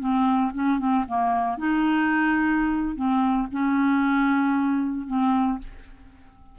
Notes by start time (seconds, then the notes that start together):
0.00 C4
0.54 C#4
0.79 C4
1.08 A#3
1.58 D#4
2.96 C4
3.52 C#4
5.07 C4